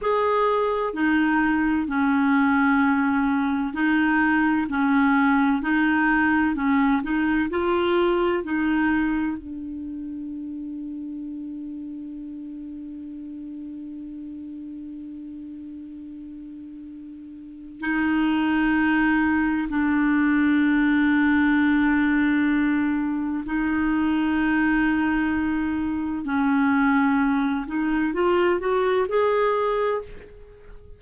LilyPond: \new Staff \with { instrumentName = "clarinet" } { \time 4/4 \tempo 4 = 64 gis'4 dis'4 cis'2 | dis'4 cis'4 dis'4 cis'8 dis'8 | f'4 dis'4 d'2~ | d'1~ |
d'2. dis'4~ | dis'4 d'2.~ | d'4 dis'2. | cis'4. dis'8 f'8 fis'8 gis'4 | }